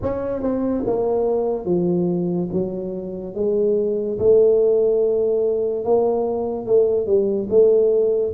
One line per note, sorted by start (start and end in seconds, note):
0.02 0.42 C#4
0.42 0.84 C4
0.86 1.65 A#3
1.65 2.48 F3
2.52 3.34 F#3
3.34 4.18 G#3
4.19 5.84 A3
5.84 6.66 A#3
6.66 7.06 A3
7.06 7.48 G3
7.49 8.33 A3